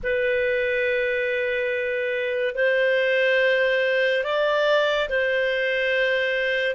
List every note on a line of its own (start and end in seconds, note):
0.03 2.54 B4
2.54 4.23 C5
4.24 5.08 D5
5.09 6.75 C5